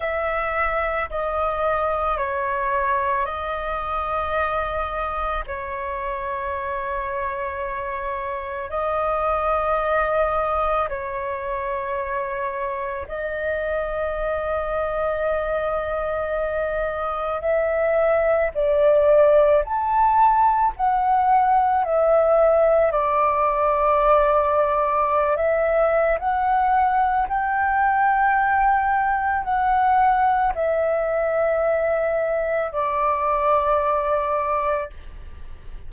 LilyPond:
\new Staff \with { instrumentName = "flute" } { \time 4/4 \tempo 4 = 55 e''4 dis''4 cis''4 dis''4~ | dis''4 cis''2. | dis''2 cis''2 | dis''1 |
e''4 d''4 a''4 fis''4 | e''4 d''2~ d''16 e''8. | fis''4 g''2 fis''4 | e''2 d''2 | }